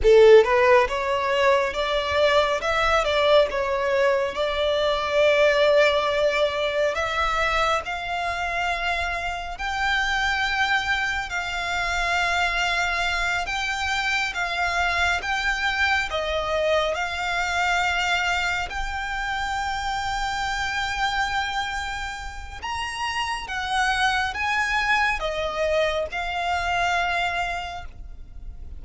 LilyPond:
\new Staff \with { instrumentName = "violin" } { \time 4/4 \tempo 4 = 69 a'8 b'8 cis''4 d''4 e''8 d''8 | cis''4 d''2. | e''4 f''2 g''4~ | g''4 f''2~ f''8 g''8~ |
g''8 f''4 g''4 dis''4 f''8~ | f''4. g''2~ g''8~ | g''2 ais''4 fis''4 | gis''4 dis''4 f''2 | }